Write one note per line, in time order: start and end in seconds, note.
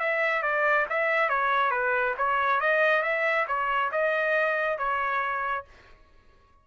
0.00 0.43 E5
0.43 0.86 D5
0.90 1.29 E5
1.29 1.71 C#5
1.71 2.15 B4
2.18 2.61 C#5
2.61 3.03 D#5
3.03 3.46 E5
3.48 3.91 C#5
3.92 4.78 D#5
4.78 5.65 C#5